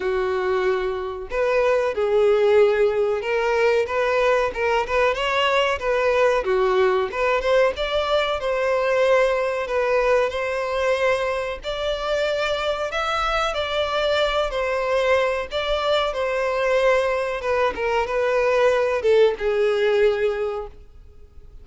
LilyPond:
\new Staff \with { instrumentName = "violin" } { \time 4/4 \tempo 4 = 93 fis'2 b'4 gis'4~ | gis'4 ais'4 b'4 ais'8 b'8 | cis''4 b'4 fis'4 b'8 c''8 | d''4 c''2 b'4 |
c''2 d''2 | e''4 d''4. c''4. | d''4 c''2 b'8 ais'8 | b'4. a'8 gis'2 | }